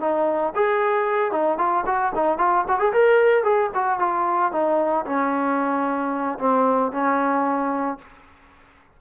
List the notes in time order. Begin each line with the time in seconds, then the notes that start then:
0.00 D#4
0.55 G#4
1.31 D#4
1.58 F4
1.86 F#4
2.15 D#4
2.38 F4
2.68 F#4
2.79 G#4
2.93 A#4
3.43 G#4
3.74 F#4
3.99 F4
4.52 D#4
5.05 C#4
6.39 C4
6.92 C#4